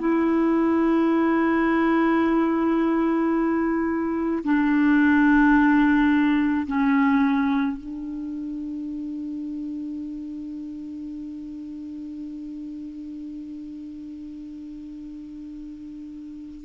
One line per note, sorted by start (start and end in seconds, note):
0.00 4.44 E4
4.44 6.67 D4
6.67 7.78 C#4
7.78 16.65 D4